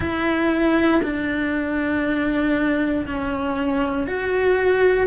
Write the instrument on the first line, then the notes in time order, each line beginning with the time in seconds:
cello
0.00 E4
1.02 D4
3.06 C#4
4.07 F#4